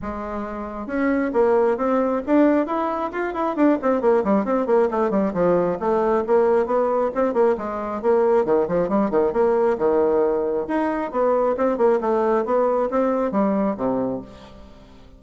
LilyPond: \new Staff \with { instrumentName = "bassoon" } { \time 4/4 \tempo 4 = 135 gis2 cis'4 ais4 | c'4 d'4 e'4 f'8 e'8 | d'8 c'8 ais8 g8 c'8 ais8 a8 g8 | f4 a4 ais4 b4 |
c'8 ais8 gis4 ais4 dis8 f8 | g8 dis8 ais4 dis2 | dis'4 b4 c'8 ais8 a4 | b4 c'4 g4 c4 | }